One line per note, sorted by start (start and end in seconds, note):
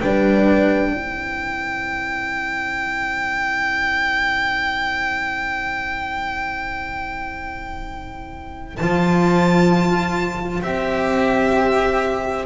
0.00 0.92 G3
0.00 0.94 D4
0.00 0.93 B4
0.00 8.77 G5
0.92 8.77 C4
0.92 8.79 E4
0.92 12.46 C5
8.77 10.63 F3
8.77 10.61 A5
8.83 10.62 F4
10.62 12.46 C4
10.62 12.46 G4
10.62 12.46 E5